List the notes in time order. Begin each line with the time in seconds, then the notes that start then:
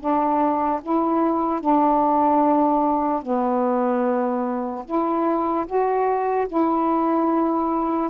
0.00 D4
0.83 E4
1.61 D4
3.23 B3
4.85 E4
5.67 F#4
6.48 E4